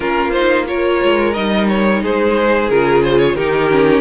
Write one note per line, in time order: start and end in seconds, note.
0.00 1.00 A#3
0.00 0.32 C#4
0.00 0.67 F4
0.00 0.31 A#4
0.31 0.66 D#4
0.31 0.64 C5
0.66 1.33 F4
0.66 2.02 A#4
0.66 1.33 C#5
1.04 1.36 G#3
1.33 2.02 G3
1.33 2.70 D#4
1.33 1.67 D#5
1.68 2.02 C#5
2.02 2.70 G#3
2.02 3.36 G#4
2.02 2.69 C5
2.69 3.35 C#3
2.69 3.37 F4
2.69 3.03 A#4
3.03 3.18 C5
3.18 3.35 C#5
3.35 4.01 D#3
3.35 3.70 D#4
3.35 4.01 G4
3.35 4.01 A#4
3.70 4.01 C#4